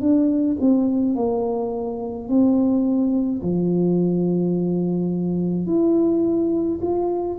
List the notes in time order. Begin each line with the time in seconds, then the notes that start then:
0.00 D4
0.60 C4
1.15 A#3
2.28 C4
3.42 F3
5.66 E4
6.81 F4